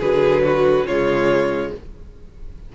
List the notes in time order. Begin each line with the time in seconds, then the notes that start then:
0.00 D3 F#3 G#4 B4
0.43 F#4
0.86 C#3 G#3 F4 C#5